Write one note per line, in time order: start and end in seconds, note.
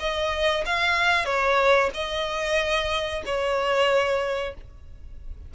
0.00 0.65 D#5
0.66 1.26 F5
1.26 1.90 C#5
1.94 3.23 D#5
3.26 4.55 C#5